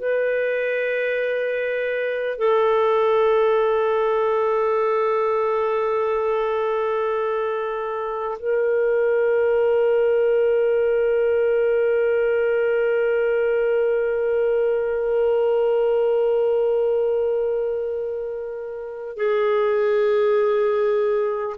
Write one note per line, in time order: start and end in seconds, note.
0.00 2.38 B4
2.38 8.38 A4
8.39 19.17 A#4
19.17 21.57 G#4